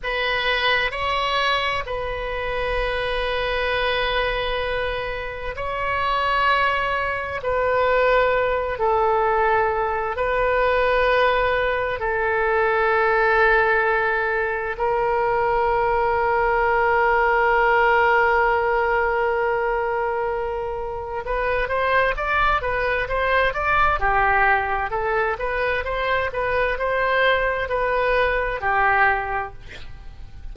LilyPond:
\new Staff \with { instrumentName = "oboe" } { \time 4/4 \tempo 4 = 65 b'4 cis''4 b'2~ | b'2 cis''2 | b'4. a'4. b'4~ | b'4 a'2. |
ais'1~ | ais'2. b'8 c''8 | d''8 b'8 c''8 d''8 g'4 a'8 b'8 | c''8 b'8 c''4 b'4 g'4 | }